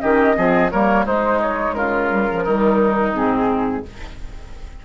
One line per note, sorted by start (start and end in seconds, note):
0.00 0.37 D#3
0.00 0.35 C#4
0.00 0.36 G4
0.00 0.70 D#5
0.35 0.72 F3
0.35 0.70 C4
0.35 0.71 G#4
0.71 1.06 G3
0.71 1.06 A#3
0.71 1.05 A#4
0.71 1.06 C#5
1.05 1.75 G#3
1.05 2.09 G#3
1.05 1.75 D#4
1.05 1.41 C5
1.42 1.74 C#5
1.74 2.44 C#3
1.74 2.43 F4
1.74 3.13 A#4
2.09 2.27 G3
2.30 2.46 F3
2.43 3.14 D#3
2.43 3.13 G3
2.43 3.83 D#4
3.13 3.84 G#2
3.13 3.83 C4
3.13 3.85 G#4